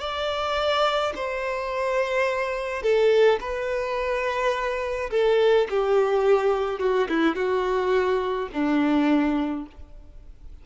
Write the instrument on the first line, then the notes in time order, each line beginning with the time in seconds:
violin
0.00 D5
1.15 C5
2.83 A4
3.41 B4
5.11 A4
5.70 G4
6.80 F#4
7.09 E4
7.36 F#4
8.53 D4